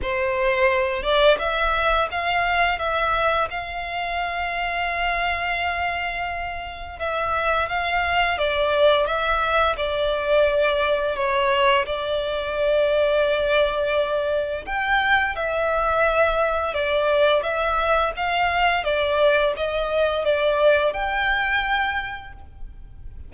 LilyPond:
\new Staff \with { instrumentName = "violin" } { \time 4/4 \tempo 4 = 86 c''4. d''8 e''4 f''4 | e''4 f''2.~ | f''2 e''4 f''4 | d''4 e''4 d''2 |
cis''4 d''2.~ | d''4 g''4 e''2 | d''4 e''4 f''4 d''4 | dis''4 d''4 g''2 | }